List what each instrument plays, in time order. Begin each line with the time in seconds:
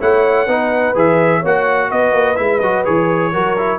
0.00 tuba A3, trombone E4, horn C#5, trumpet F#5
0.47 tuba B3, trombone D#4, horn B4
0.95 tuba E3, trombone G#4, trumpet E5
1.40 tuba A#3, trombone F#4, horn C#5
1.47 trumpet F#5
1.90 tuba B3, horn B4, trumpet D#5
2.12 tuba A#3
2.36 tuba G#3, trombone E4, trumpet E5
2.60 tuba F#3, trombone F#4, trumpet D#5
2.85 tuba E3, trombone G#4, trumpet C#5
3.32 tuba F#3, trombone F#4, horn A#4
3.58 trombone E4